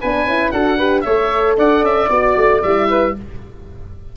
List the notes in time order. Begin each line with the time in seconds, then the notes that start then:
0.00 B3 D4 B4 G#5
0.25 C#4 E4
0.51 D4 F#4 A4 F#5
0.77 G4 B4
1.01 A3 A4 C#5 E5
1.57 D4 D5 F#5
1.82 C#4 E5
2.09 B3 F#4 D5
2.36 A3
2.62 G3 E4 E5
2.89 B4